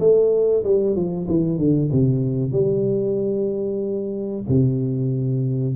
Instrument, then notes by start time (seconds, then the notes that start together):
tuba
0.00 A3
0.64 G3
0.96 F3
1.29 E3
1.58 D3
1.92 C3
2.52 G3
4.49 C3